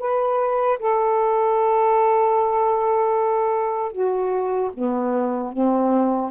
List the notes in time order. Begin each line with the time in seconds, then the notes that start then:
0.00 B4
0.79 A4
3.92 F#4
4.74 B3
5.53 C4